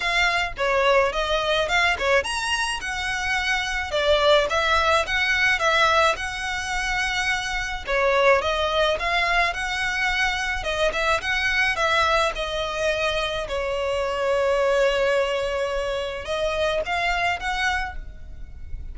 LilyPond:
\new Staff \with { instrumentName = "violin" } { \time 4/4 \tempo 4 = 107 f''4 cis''4 dis''4 f''8 cis''8 | ais''4 fis''2 d''4 | e''4 fis''4 e''4 fis''4~ | fis''2 cis''4 dis''4 |
f''4 fis''2 dis''8 e''8 | fis''4 e''4 dis''2 | cis''1~ | cis''4 dis''4 f''4 fis''4 | }